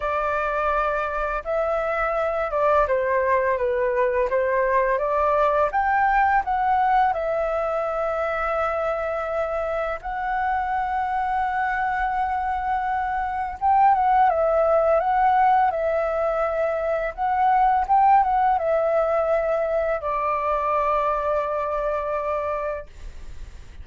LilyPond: \new Staff \with { instrumentName = "flute" } { \time 4/4 \tempo 4 = 84 d''2 e''4. d''8 | c''4 b'4 c''4 d''4 | g''4 fis''4 e''2~ | e''2 fis''2~ |
fis''2. g''8 fis''8 | e''4 fis''4 e''2 | fis''4 g''8 fis''8 e''2 | d''1 | }